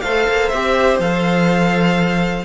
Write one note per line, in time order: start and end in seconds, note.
0.00 0.28 A3
0.00 0.52 A4
0.00 2.44 C5
0.00 0.48 F5
0.28 0.52 A#3
0.48 0.98 C4
0.48 1.00 G4
0.48 0.97 E5
0.98 2.44 F3
0.98 2.45 A4
0.98 2.45 F5